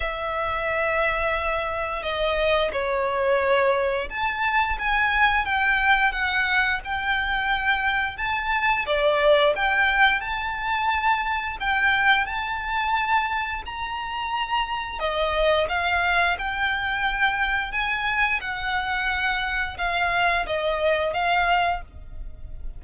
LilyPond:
\new Staff \with { instrumentName = "violin" } { \time 4/4 \tempo 4 = 88 e''2. dis''4 | cis''2 a''4 gis''4 | g''4 fis''4 g''2 | a''4 d''4 g''4 a''4~ |
a''4 g''4 a''2 | ais''2 dis''4 f''4 | g''2 gis''4 fis''4~ | fis''4 f''4 dis''4 f''4 | }